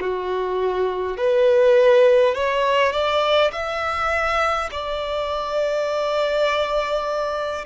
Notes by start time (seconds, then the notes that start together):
0.00 F#4
1.17 B4
2.35 C#5
2.93 D5
3.52 E5
4.71 D5